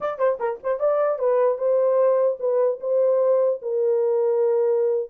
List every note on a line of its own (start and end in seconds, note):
0.00 0.18 D5
0.18 0.38 C5
0.39 0.59 A#4
0.63 0.79 C5
0.79 1.19 D5
1.19 1.57 B4
1.57 2.37 C5
2.39 2.79 B4
2.80 3.60 C5
3.61 5.10 A#4